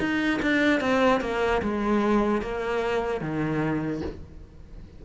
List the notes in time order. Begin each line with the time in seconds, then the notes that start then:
0.00 D#4
0.43 D4
0.81 C4
1.21 A#3
1.63 G#3
2.42 A#3
3.21 D#3